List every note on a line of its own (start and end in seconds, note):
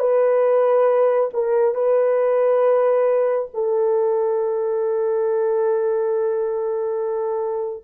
0.00 1.30 B4
1.34 1.75 A#4
1.75 3.49 B4
3.54 7.84 A4